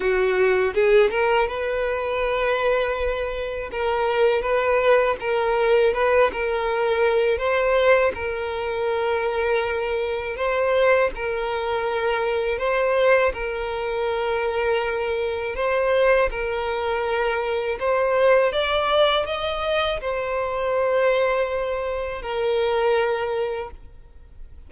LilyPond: \new Staff \with { instrumentName = "violin" } { \time 4/4 \tempo 4 = 81 fis'4 gis'8 ais'8 b'2~ | b'4 ais'4 b'4 ais'4 | b'8 ais'4. c''4 ais'4~ | ais'2 c''4 ais'4~ |
ais'4 c''4 ais'2~ | ais'4 c''4 ais'2 | c''4 d''4 dis''4 c''4~ | c''2 ais'2 | }